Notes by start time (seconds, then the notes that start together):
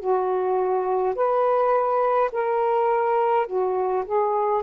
0.00 F#4
1.16 B4
2.33 A#4
3.47 F#4
4.06 G#4